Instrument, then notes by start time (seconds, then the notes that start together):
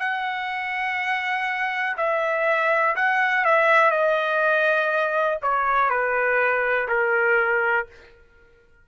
trumpet
0.00 F#5
1.98 E5
2.96 F#5
3.45 E5
3.91 D#5
5.43 C#5
5.90 B4
6.89 A#4